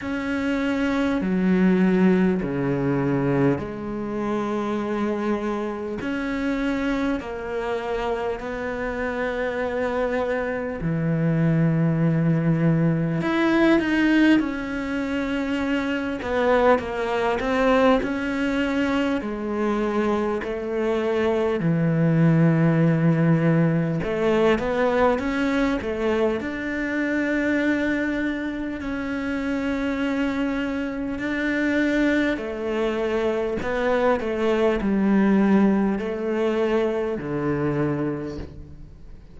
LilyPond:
\new Staff \with { instrumentName = "cello" } { \time 4/4 \tempo 4 = 50 cis'4 fis4 cis4 gis4~ | gis4 cis'4 ais4 b4~ | b4 e2 e'8 dis'8 | cis'4. b8 ais8 c'8 cis'4 |
gis4 a4 e2 | a8 b8 cis'8 a8 d'2 | cis'2 d'4 a4 | b8 a8 g4 a4 d4 | }